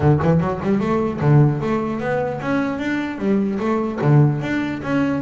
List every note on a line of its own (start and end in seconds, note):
0.00 0.19 D3
0.22 0.40 E3
0.40 0.60 F#3
0.62 0.80 G3
0.80 1.20 A3
1.21 1.61 D3
1.61 2.00 A3
2.00 2.40 B3
2.41 2.78 C#4
2.78 3.18 D4
3.18 3.58 G3
3.59 3.99 A3
4.01 4.41 D3
4.41 4.81 D4
4.83 5.21 C#4